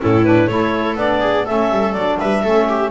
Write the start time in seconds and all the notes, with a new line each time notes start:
0.00 A2 C#4 E4 A4
0.24 D4 B4
0.46 A3 E4 A4 C#5
0.95 B3 D4 D5
1.20 G#4
1.45 A3 C#4 A4 E5
1.70 G3
1.93 F#3 D4 D5
2.18 G3 B4 E5
2.42 A3 C#4 A4
2.68 G4